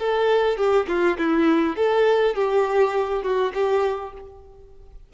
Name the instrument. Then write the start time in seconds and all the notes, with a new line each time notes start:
violin
0.00 A4
0.57 G4
0.89 F4
1.18 E4
1.77 A4
2.36 G4
3.24 F#4
3.55 G4